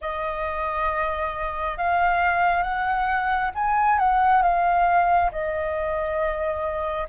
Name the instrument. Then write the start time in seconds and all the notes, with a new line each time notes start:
flute
0.01 D#5
1.77 F5
2.62 F#5
3.54 G#5
3.99 F#5
4.42 F5
5.31 D#5